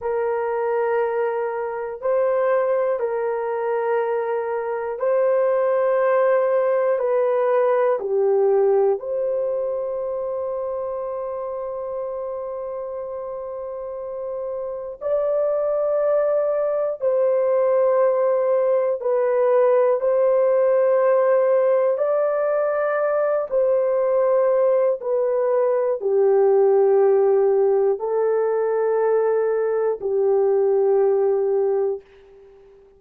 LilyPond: \new Staff \with { instrumentName = "horn" } { \time 4/4 \tempo 4 = 60 ais'2 c''4 ais'4~ | ais'4 c''2 b'4 | g'4 c''2.~ | c''2. d''4~ |
d''4 c''2 b'4 | c''2 d''4. c''8~ | c''4 b'4 g'2 | a'2 g'2 | }